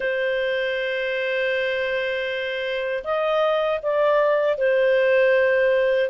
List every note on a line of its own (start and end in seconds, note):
0.00 3.03 C5
3.03 3.79 D#5
3.82 4.57 D5
4.57 6.09 C5